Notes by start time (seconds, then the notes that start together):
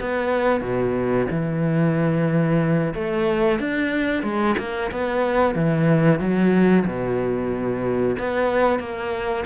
0.00 B3
0.61 B2
1.30 E3
2.94 A3
3.59 D4
4.22 G#3
4.58 A#3
4.91 B3
5.55 E3
6.19 F#3
6.86 B2
8.18 B3
8.79 A#3